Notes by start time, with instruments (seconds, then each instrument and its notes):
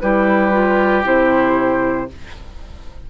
0.00 bassoon G3, clarinet E4, oboe G4, flute B4
0.52 clarinet F4
1.04 bassoon C3, clarinet E4, flute C5